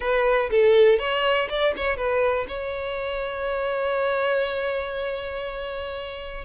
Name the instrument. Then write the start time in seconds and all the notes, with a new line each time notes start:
violin
0.00 B4
0.50 A4
0.98 C#5
1.49 D5
1.76 C#5
1.96 B4
2.48 C#5